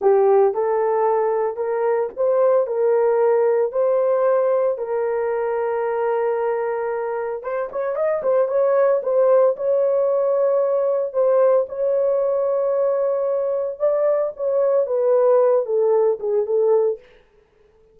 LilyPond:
\new Staff \with { instrumentName = "horn" } { \time 4/4 \tempo 4 = 113 g'4 a'2 ais'4 | c''4 ais'2 c''4~ | c''4 ais'2.~ | ais'2 c''8 cis''8 dis''8 c''8 |
cis''4 c''4 cis''2~ | cis''4 c''4 cis''2~ | cis''2 d''4 cis''4 | b'4. a'4 gis'8 a'4 | }